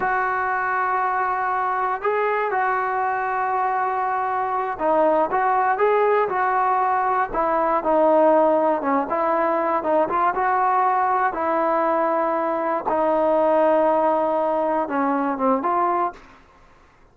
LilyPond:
\new Staff \with { instrumentName = "trombone" } { \time 4/4 \tempo 4 = 119 fis'1 | gis'4 fis'2.~ | fis'4. dis'4 fis'4 gis'8~ | gis'8 fis'2 e'4 dis'8~ |
dis'4. cis'8 e'4. dis'8 | f'8 fis'2 e'4.~ | e'4. dis'2~ dis'8~ | dis'4. cis'4 c'8 f'4 | }